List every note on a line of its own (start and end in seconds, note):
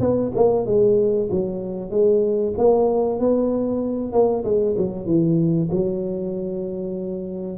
0.00 0.32 B3
0.35 0.66 A#3
0.66 1.29 G#3
1.31 1.90 F#3
1.90 2.53 G#3
2.58 3.20 A#3
3.20 4.13 B3
4.13 4.44 A#3
4.44 4.76 G#3
4.78 5.06 F#3
5.06 5.69 E3
5.71 7.58 F#3